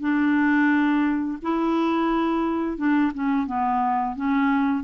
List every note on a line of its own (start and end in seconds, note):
0.00 1.38 D4
1.42 2.77 E4
2.77 3.12 D4
3.14 3.46 C#4
3.46 4.15 B3
4.15 4.83 C#4